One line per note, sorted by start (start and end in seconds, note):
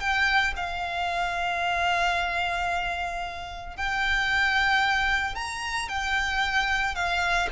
0.00 0.54 G5
0.56 3.76 F5
3.76 5.35 G5
5.35 5.88 A#5
5.88 6.95 G5
6.95 7.48 F5